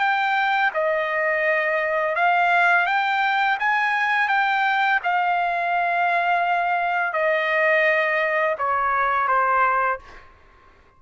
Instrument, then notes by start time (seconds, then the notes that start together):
trumpet
0.00 G5
0.74 D#5
2.16 F5
2.87 G5
3.60 G#5
4.29 G5
5.04 F5
7.13 D#5
8.59 C#5
9.28 C5